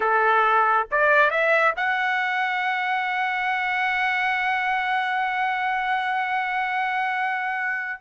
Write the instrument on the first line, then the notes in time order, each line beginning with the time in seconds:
trumpet
0.00 A4
0.91 D5
1.30 E5
1.76 F#5